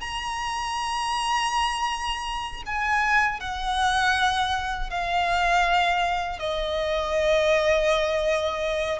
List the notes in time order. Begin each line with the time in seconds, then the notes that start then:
0.00 A#5
2.66 G#5
3.40 F#5
4.90 F5
6.39 D#5